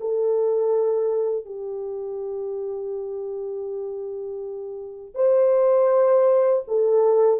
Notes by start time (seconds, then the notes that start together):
0.00 A4
1.45 G4
5.14 C5
6.67 A4